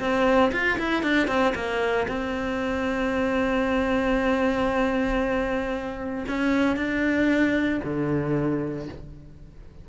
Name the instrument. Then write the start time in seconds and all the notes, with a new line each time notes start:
cello
0.00 C4
0.52 F4
0.79 E4
1.03 D4
1.28 C4
1.55 A#3
2.08 C4
6.28 C#4
6.77 D4
7.85 D3